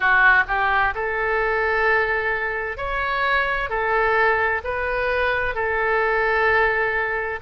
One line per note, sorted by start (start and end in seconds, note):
0.00 0.44 F#4
0.47 0.94 G4
0.94 2.77 A4
2.77 3.69 C#5
3.69 4.62 A4
4.64 5.54 B4
5.54 7.39 A4